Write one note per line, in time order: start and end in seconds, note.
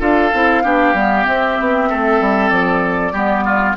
0.00 0.32 D4
0.00 0.31 F4
0.00 0.63 A4
0.00 1.26 F5
0.34 0.65 C4
0.34 0.64 E4
0.64 0.94 B3
0.64 0.95 D4
0.64 1.89 G4
0.94 1.25 G3
0.94 1.26 B3
1.26 3.13 C4
1.26 1.59 C4
1.26 2.50 E5
1.60 1.91 B3
1.90 2.21 A3
1.90 3.13 A4
2.21 2.51 G3
2.50 3.13 F3
2.50 3.75 D5
3.13 3.75 G3
3.13 3.77 B3
3.13 3.45 G4
3.45 3.76 F4